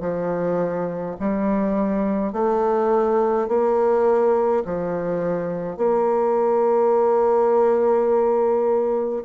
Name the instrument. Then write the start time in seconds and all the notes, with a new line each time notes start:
bassoon
0.00 F3
1.20 G3
2.32 A3
3.48 A#3
4.65 F3
5.77 A#3